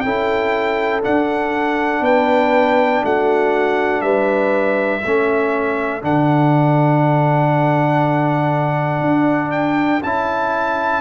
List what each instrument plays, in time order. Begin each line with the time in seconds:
0.00 tuba C#4, trombone E4, horn A4, trumpet G5
1.02 trombone D4, tuba D4, trumpet F#5
2.00 tuba B3, horn B4, trumpet G5
3.04 tuba A3, horn F#4, trumpet F#5
4.01 tuba G3, horn B4, trumpet E5
5.01 tuba A3, trombone C#4, horn A4
6.01 tuba D3, trombone D4, trumpet F#5
9.00 tuba D4
9.51 trumpet G5
10.03 tuba C#4, trombone E4, trumpet A5